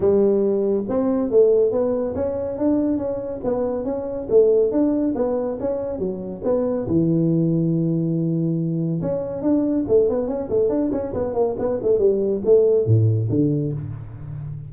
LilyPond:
\new Staff \with { instrumentName = "tuba" } { \time 4/4 \tempo 4 = 140 g2 c'4 a4 | b4 cis'4 d'4 cis'4 | b4 cis'4 a4 d'4 | b4 cis'4 fis4 b4 |
e1~ | e4 cis'4 d'4 a8 b8 | cis'8 a8 d'8 cis'8 b8 ais8 b8 a8 | g4 a4 a,4 d4 | }